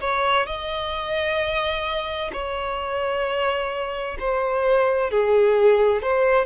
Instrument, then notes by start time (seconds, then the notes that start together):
violin
0.00 C#5
0.47 D#5
2.33 C#5
4.20 C5
5.11 G#4
6.02 C5